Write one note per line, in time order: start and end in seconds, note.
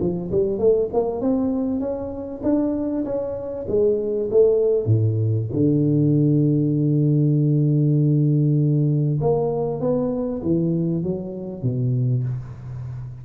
0.00 0.31 F3
0.31 0.58 G3
0.58 0.89 A3
0.93 1.21 A#3
1.21 1.79 C4
1.79 2.41 C#4
2.43 3.04 D4
3.04 3.66 C#4
3.68 4.29 G#3
4.31 4.85 A3
4.85 5.47 A2
5.52 9.19 D3
9.20 9.80 A#3
9.80 10.42 B3
10.42 11.03 E3
11.03 11.62 F#3
11.62 12.23 B2